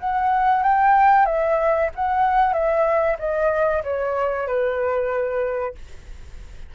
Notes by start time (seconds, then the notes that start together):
0.00 F#5
0.63 G5
1.26 E5
1.96 F#5
2.54 E5
3.19 D#5
3.84 C#5
4.48 B4